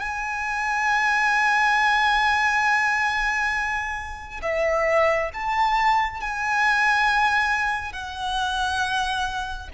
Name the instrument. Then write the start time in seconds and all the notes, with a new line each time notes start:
violin
0.00 G#5
4.43 E5
5.34 A5
6.21 G#5
7.93 F#5